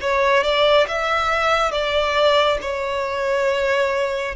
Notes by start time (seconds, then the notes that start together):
0.00 C#5
0.43 D5
0.88 E5
1.71 D5
2.61 C#5